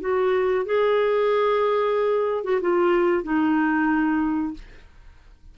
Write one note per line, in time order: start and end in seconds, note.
0.00 0.65 F#4
0.65 2.44 G#4
2.44 2.60 F#4
2.60 3.23 F4
3.23 4.53 D#4